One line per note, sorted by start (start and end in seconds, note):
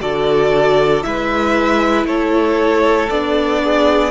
0.00 1.04 D3
0.00 1.03 F#4
0.00 1.05 A4
0.00 1.03 D5
1.03 2.05 G#3
1.03 3.09 E4
1.03 2.08 B4
1.03 2.06 E5
2.05 3.08 A3
2.05 3.63 A4
2.05 3.10 C#5
3.10 4.11 B3
3.10 4.11 D4
3.10 4.11 D5
3.63 4.11 G#4